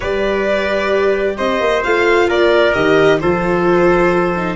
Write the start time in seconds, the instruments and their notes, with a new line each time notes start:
0.00 tuba G3, viola G4, trumpet B4, violin D5
1.37 tuba C4, trumpet C5, violin D#5
1.60 tuba A#3
1.83 tuba A3, viola F4, violin F5
2.28 tuba A#3, trumpet A#4, violin D5
2.73 tuba D#3, viola G4, violin D#5
3.20 tuba F3, viola F4, trumpet A4, violin C5
4.35 viola D#4